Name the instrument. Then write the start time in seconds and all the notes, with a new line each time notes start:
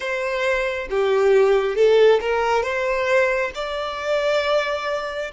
violin
0.00 C5
0.89 G4
1.75 A4
2.20 A#4
2.63 C5
3.54 D5